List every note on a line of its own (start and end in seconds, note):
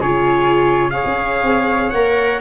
0.00 1.02 C#3
0.00 0.92 F4
0.00 0.89 G#4
0.00 0.90 C#5
0.90 1.94 G#4
0.90 2.41 C#5
0.90 1.90 F5
1.05 1.42 C#4
1.42 1.93 C4
1.90 2.41 A#3
1.90 2.41 A#4
1.90 2.41 F#5